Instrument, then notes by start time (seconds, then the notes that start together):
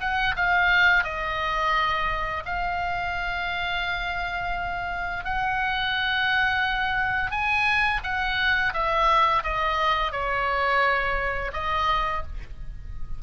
oboe
0.00 F#5
0.36 F5
1.04 D#5
2.45 F5
5.25 F#5
7.31 G#5
8.03 F#5
8.73 E5
9.43 D#5
10.12 C#5
11.53 D#5